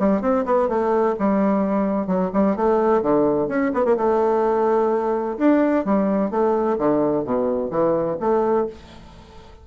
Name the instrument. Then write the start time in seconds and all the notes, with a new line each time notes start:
bassoon
0.00 G3
0.22 C4
0.46 B3
0.69 A3
1.20 G3
2.07 F#3
2.34 G3
2.57 A3
3.03 D3
3.49 C#4
3.75 B3
3.85 A#3
3.98 A3
5.39 D4
5.86 G3
6.31 A3
6.79 D3
7.25 B2
7.71 E3
8.21 A3